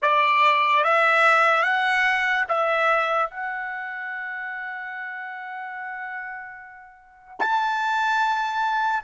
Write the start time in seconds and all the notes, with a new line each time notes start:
0.01 D5
0.84 E5
1.63 F#5
2.48 E5
3.30 F#5
7.39 A5